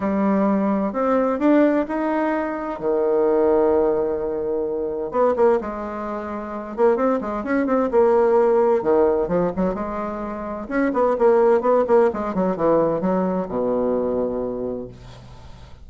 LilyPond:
\new Staff \with { instrumentName = "bassoon" } { \time 4/4 \tempo 4 = 129 g2 c'4 d'4 | dis'2 dis2~ | dis2. b8 ais8 | gis2~ gis8 ais8 c'8 gis8 |
cis'8 c'8 ais2 dis4 | f8 fis8 gis2 cis'8 b8 | ais4 b8 ais8 gis8 fis8 e4 | fis4 b,2. | }